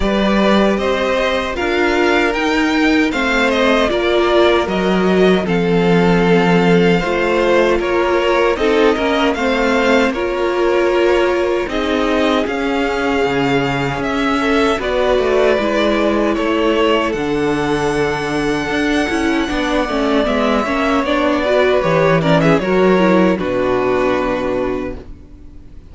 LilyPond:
<<
  \new Staff \with { instrumentName = "violin" } { \time 4/4 \tempo 4 = 77 d''4 dis''4 f''4 g''4 | f''8 dis''8 d''4 dis''4 f''4~ | f''2 cis''4 dis''4 | f''4 cis''2 dis''4 |
f''2 e''4 d''4~ | d''4 cis''4 fis''2~ | fis''2 e''4 d''4 | cis''8 d''16 e''16 cis''4 b'2 | }
  \new Staff \with { instrumentName = "violin" } { \time 4/4 b'4 c''4 ais'2 | c''4 ais'2 a'4~ | a'4 c''4 ais'4 a'8 ais'8 | c''4 ais'2 gis'4~ |
gis'2~ gis'8 a'8 b'4~ | b'4 a'2.~ | a'4 d''4. cis''4 b'8~ | b'8 ais'16 gis'16 ais'4 fis'2 | }
  \new Staff \with { instrumentName = "viola" } { \time 4/4 g'2 f'4 dis'4 | c'4 f'4 fis'4 c'4~ | c'4 f'2 dis'8 cis'8 | c'4 f'2 dis'4 |
cis'2. fis'4 | e'2 d'2~ | d'8 e'8 d'8 cis'8 b8 cis'8 d'8 fis'8 | g'8 cis'8 fis'8 e'8 d'2 | }
  \new Staff \with { instrumentName = "cello" } { \time 4/4 g4 c'4 d'4 dis'4 | a4 ais4 fis4 f4~ | f4 a4 ais4 c'8 ais8 | a4 ais2 c'4 |
cis'4 cis4 cis'4 b8 a8 | gis4 a4 d2 | d'8 cis'8 b8 a8 gis8 ais8 b4 | e4 fis4 b,2 | }
>>